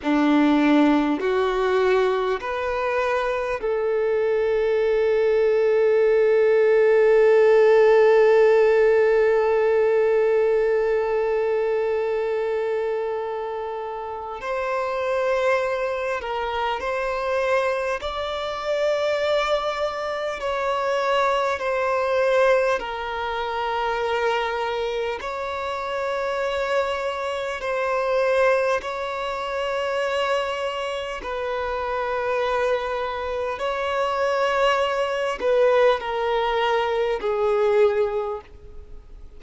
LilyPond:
\new Staff \with { instrumentName = "violin" } { \time 4/4 \tempo 4 = 50 d'4 fis'4 b'4 a'4~ | a'1~ | a'1 | c''4. ais'8 c''4 d''4~ |
d''4 cis''4 c''4 ais'4~ | ais'4 cis''2 c''4 | cis''2 b'2 | cis''4. b'8 ais'4 gis'4 | }